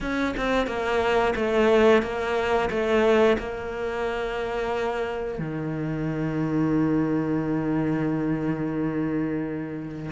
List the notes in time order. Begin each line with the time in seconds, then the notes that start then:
0.01 C#4
0.36 C4
0.66 A#3
1.35 A3
2.02 A#3
2.70 A3
3.38 A#3
5.38 D#3